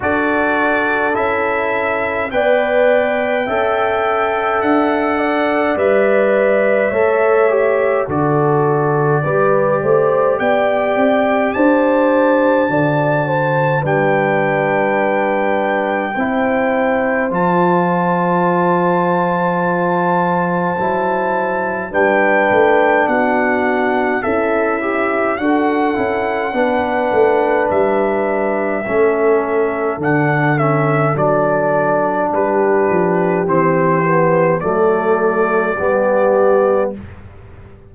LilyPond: <<
  \new Staff \with { instrumentName = "trumpet" } { \time 4/4 \tempo 4 = 52 d''4 e''4 g''2 | fis''4 e''2 d''4~ | d''4 g''4 a''2 | g''2. a''4~ |
a''2. g''4 | fis''4 e''4 fis''2 | e''2 fis''8 e''8 d''4 | b'4 c''4 d''2 | }
  \new Staff \with { instrumentName = "horn" } { \time 4/4 a'2 d''4 e''4~ | e''8 d''4. cis''4 a'4 | b'8 c''8 d''4 c''4 d''8 c''8 | b'2 c''2~ |
c''2. b'4 | fis'4 e'4 a'4 b'4~ | b'4 a'2. | g'2 a'4 g'4 | }
  \new Staff \with { instrumentName = "trombone" } { \time 4/4 fis'4 e'4 b'4 a'4~ | a'4 b'4 a'8 g'8 fis'4 | g'2. fis'4 | d'2 e'4 f'4~ |
f'2 e'4 d'4~ | d'4 a'8 g'8 fis'8 e'8 d'4~ | d'4 cis'4 d'8 cis'8 d'4~ | d'4 c'8 b8 a4 b4 | }
  \new Staff \with { instrumentName = "tuba" } { \time 4/4 d'4 cis'4 b4 cis'4 | d'4 g4 a4 d4 | g8 a8 b8 c'8 d'4 d4 | g2 c'4 f4~ |
f2 fis4 g8 a8 | b4 cis'4 d'8 cis'8 b8 a8 | g4 a4 d4 fis4 | g8 f8 e4 fis4 g4 | }
>>